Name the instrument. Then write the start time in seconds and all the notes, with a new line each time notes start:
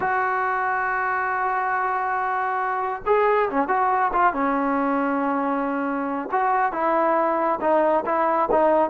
trombone
0.00 F#4
3.06 G#4
3.50 C#4
3.68 F#4
4.12 F4
4.33 C#4
6.31 F#4
6.72 E4
7.61 D#4
8.05 E4
8.51 D#4